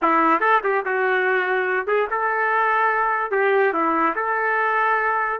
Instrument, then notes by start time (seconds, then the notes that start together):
trumpet
0.02 E4
0.40 A4
0.63 G4
0.85 F#4
1.87 G#4
2.10 A4
3.31 G4
3.73 E4
4.15 A4